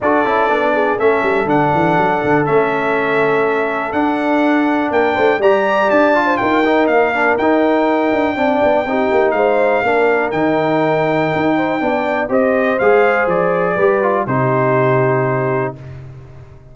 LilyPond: <<
  \new Staff \with { instrumentName = "trumpet" } { \time 4/4 \tempo 4 = 122 d''2 e''4 fis''4~ | fis''4 e''2. | fis''2 g''4 ais''4 | a''4 g''4 f''4 g''4~ |
g''2. f''4~ | f''4 g''2.~ | g''4 dis''4 f''4 d''4~ | d''4 c''2. | }
  \new Staff \with { instrumentName = "horn" } { \time 4/4 a'4. gis'8 a'2~ | a'1~ | a'2 ais'8 c''8 d''4~ | d''8. c''16 ais'2.~ |
ais'4 d''4 g'4 c''4 | ais'2.~ ais'8 c''8 | d''4 c''2. | b'4 g'2. | }
  \new Staff \with { instrumentName = "trombone" } { \time 4/4 fis'8 e'8 d'4 cis'4 d'4~ | d'4 cis'2. | d'2. g'4~ | g'8 f'4 dis'4 d'8 dis'4~ |
dis'4 d'4 dis'2 | d'4 dis'2. | d'4 g'4 gis'2 | g'8 f'8 dis'2. | }
  \new Staff \with { instrumentName = "tuba" } { \time 4/4 d'8 cis'8 b4 a8 g8 d8 e8 | fis8 d8 a2. | d'2 ais8 a8 g4 | d'4 dis'4 ais4 dis'4~ |
dis'8 d'8 c'8 b8 c'8 ais8 gis4 | ais4 dis2 dis'4 | b4 c'4 gis4 f4 | g4 c2. | }
>>